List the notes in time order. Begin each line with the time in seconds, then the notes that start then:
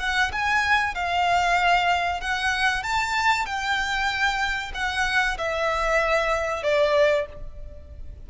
0.00 F#5
0.32 G#5
0.95 F5
2.21 F#5
2.83 A5
3.46 G5
4.75 F#5
5.38 E5
6.63 D5